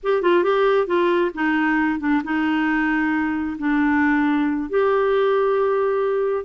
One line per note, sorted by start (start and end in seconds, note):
0.03 0.22 G4
0.22 0.43 F4
0.43 0.86 G4
0.86 1.31 F4
1.34 1.99 D#4
1.99 2.22 D4
2.23 3.57 D#4
3.58 4.69 D4
4.69 6.44 G4